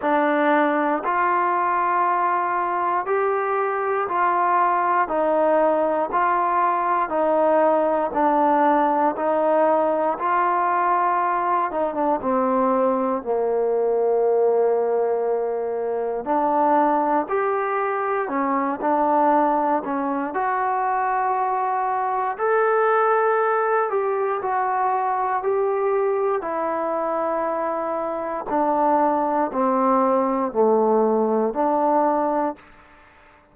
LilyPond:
\new Staff \with { instrumentName = "trombone" } { \time 4/4 \tempo 4 = 59 d'4 f'2 g'4 | f'4 dis'4 f'4 dis'4 | d'4 dis'4 f'4. dis'16 d'16 | c'4 ais2. |
d'4 g'4 cis'8 d'4 cis'8 | fis'2 a'4. g'8 | fis'4 g'4 e'2 | d'4 c'4 a4 d'4 | }